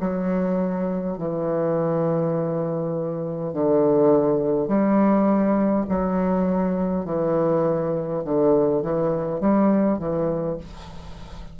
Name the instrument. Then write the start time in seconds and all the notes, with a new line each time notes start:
bassoon
0.00 F#3
1.18 E3
3.53 D3
4.68 G3
5.89 F#3
7.05 E3
8.25 D3
8.82 E3
9.41 G3
9.99 E3